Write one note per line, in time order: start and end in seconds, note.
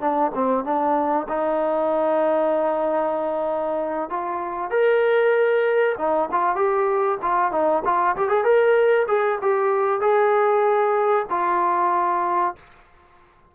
0.00 0.31 D4
0.34 0.64 C4
0.64 1.26 D4
1.28 4.09 D#4
4.09 4.70 F4
4.70 5.95 A#4
5.97 6.29 D#4
6.31 6.55 F4
6.55 7.18 G4
7.22 7.51 F4
7.51 7.82 D#4
7.84 8.16 F4
8.16 8.29 G4
8.29 8.43 G#4
8.43 9.06 A#4
9.07 9.39 G#4
9.41 10.00 G4
10.00 11.25 G#4
11.30 12.55 F4